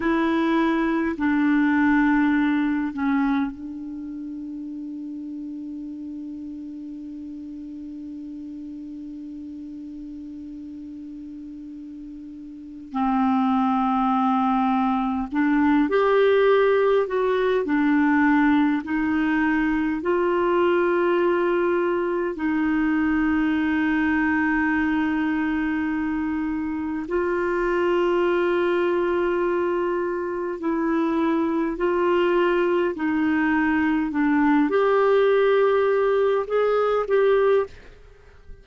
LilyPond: \new Staff \with { instrumentName = "clarinet" } { \time 4/4 \tempo 4 = 51 e'4 d'4. cis'8 d'4~ | d'1~ | d'2. c'4~ | c'4 d'8 g'4 fis'8 d'4 |
dis'4 f'2 dis'4~ | dis'2. f'4~ | f'2 e'4 f'4 | dis'4 d'8 g'4. gis'8 g'8 | }